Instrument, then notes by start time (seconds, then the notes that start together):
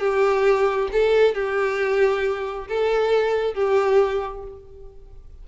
violin
0.00 G4
0.92 A4
1.35 G4
2.68 A4
3.54 G4